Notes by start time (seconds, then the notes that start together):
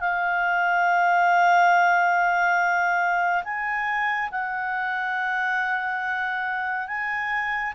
0.00 F5
3.44 G#5
4.31 F#5
6.88 G#5